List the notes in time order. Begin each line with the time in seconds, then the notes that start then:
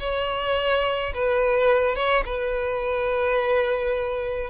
0.00 C#5
1.14 B4
1.96 C#5
2.26 B4